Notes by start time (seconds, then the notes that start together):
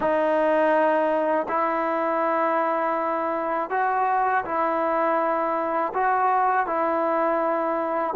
0.00 D#4
1.48 E4
3.70 F#4
4.44 E4
5.94 F#4
6.66 E4